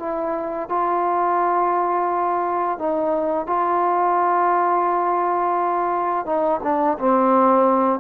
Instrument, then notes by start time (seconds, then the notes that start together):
trombone
0.00 E4
0.70 F4
2.79 D#4
3.47 F4
6.26 D#4
6.63 D4
6.99 C4